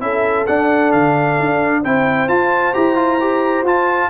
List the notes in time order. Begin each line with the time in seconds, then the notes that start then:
0.00 C#4 E4 A4 E5
0.46 D4 F#5
0.92 D3 F5
1.39 D4
1.82 C4 E4 C5 G5
2.27 F4 A5
2.73 E4 G4 A#5
2.95 F4
3.20 G4
3.62 F4 A5